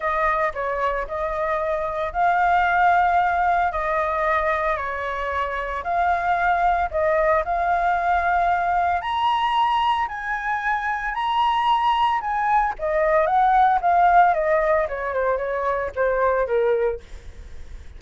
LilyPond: \new Staff \with { instrumentName = "flute" } { \time 4/4 \tempo 4 = 113 dis''4 cis''4 dis''2 | f''2. dis''4~ | dis''4 cis''2 f''4~ | f''4 dis''4 f''2~ |
f''4 ais''2 gis''4~ | gis''4 ais''2 gis''4 | dis''4 fis''4 f''4 dis''4 | cis''8 c''8 cis''4 c''4 ais'4 | }